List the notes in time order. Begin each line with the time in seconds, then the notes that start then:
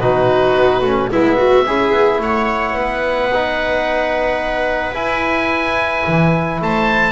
0.00 B2 D#4 F#4 B4
0.55 B3
0.81 A3 C#4
1.12 G#3 B3 E4 E5
1.37 F#4
1.67 C#4 E4 G#4
1.91 B3
2.19 A3 C#5 F#5
2.73 B3 B4
3.34 D#4
4.93 E4 G#5
6.07 E3
6.62 A3 C5 A5